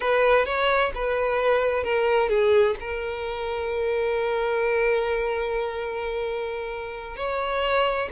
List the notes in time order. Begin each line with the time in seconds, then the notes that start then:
0.00 B4
0.45 C#5
0.94 B4
1.83 A#4
2.29 G#4
2.79 A#4
7.16 C#5